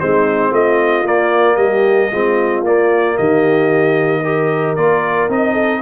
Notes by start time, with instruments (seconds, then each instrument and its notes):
0.00 tuba G#3, trombone C4, horn D#4, trumpet C5
0.50 tuba A3, horn F4, trumpet D#5
1.04 tuba A#3, trombone A#3, trumpet D5
1.57 tuba G3, horn G4, trumpet D#5
2.12 tuba G#3, trombone C4, horn F4
2.63 tuba A#3, trombone A#3, trumpet D5
3.18 tuba D#3, horn G4, trumpet D#5
4.22 trombone G4, horn A#4
4.76 tuba A#3, trombone F4, trumpet D5
5.29 tuba C4, trombone D#4, trumpet D#5
5.53 horn A4